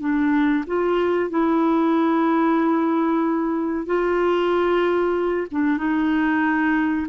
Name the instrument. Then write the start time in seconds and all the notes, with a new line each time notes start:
clarinet
0.00 D4
0.67 F4
1.30 E4
3.86 F4
5.51 D4
5.78 D#4